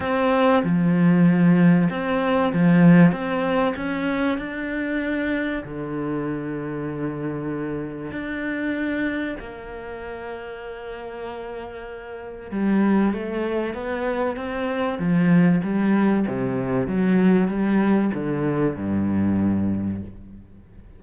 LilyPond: \new Staff \with { instrumentName = "cello" } { \time 4/4 \tempo 4 = 96 c'4 f2 c'4 | f4 c'4 cis'4 d'4~ | d'4 d2.~ | d4 d'2 ais4~ |
ais1 | g4 a4 b4 c'4 | f4 g4 c4 fis4 | g4 d4 g,2 | }